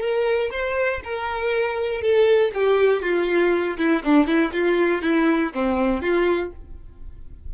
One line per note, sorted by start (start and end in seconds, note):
0.00 0.50 A#4
0.51 1.01 C5
1.03 2.01 A#4
2.01 2.51 A4
2.54 3.02 G4
3.02 3.77 F4
3.77 4.02 E4
4.03 4.26 D4
4.26 4.51 E4
4.52 5.02 F4
5.02 5.52 E4
5.54 6.01 C4
6.01 6.51 F4